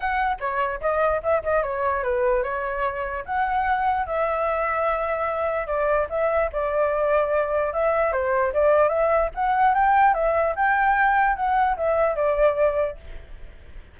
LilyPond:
\new Staff \with { instrumentName = "flute" } { \time 4/4 \tempo 4 = 148 fis''4 cis''4 dis''4 e''8 dis''8 | cis''4 b'4 cis''2 | fis''2 e''2~ | e''2 d''4 e''4 |
d''2. e''4 | c''4 d''4 e''4 fis''4 | g''4 e''4 g''2 | fis''4 e''4 d''2 | }